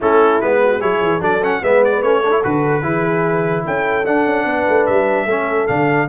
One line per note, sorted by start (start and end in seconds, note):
0.00 0.42 A3
0.00 0.41 C#4
0.00 0.60 E4
0.00 0.40 A4
0.40 0.82 G#3
0.40 0.80 B3
0.40 0.81 B4
0.63 0.79 F#4
0.79 1.00 F#3
0.79 1.20 E4
0.79 1.20 G#4
0.79 1.21 C#5
1.00 1.21 E3
1.20 1.61 F#3
1.20 1.40 D4
1.20 1.60 A4
1.20 1.43 D5
1.42 1.62 C#4
1.42 1.63 F#5
1.62 2.02 G#3
1.62 2.03 B3
1.62 2.23 B4
1.62 1.83 E5
1.84 2.02 D5
2.02 2.42 A3
2.02 2.23 C#4
2.02 2.43 C#5
2.24 2.31 D4
2.24 2.82 A4
2.31 2.41 E4
2.43 2.82 D3
2.43 2.82 F#4
2.43 3.65 B4
2.82 3.64 E3
2.82 4.04 E4
2.82 3.64 G#4
3.65 4.06 C#4
3.65 4.46 A4
3.65 4.05 G5
4.05 5.28 D4
4.05 4.26 D4
4.05 4.86 F#5
4.26 4.44 C#4
4.44 4.65 B3
4.44 5.25 B4
4.68 4.88 A3
4.86 5.25 G3
4.86 5.67 E5
5.25 5.66 A3
5.25 5.67 C#4
5.25 6.06 A4
5.67 6.08 D3
5.67 6.08 D4
5.67 6.08 F5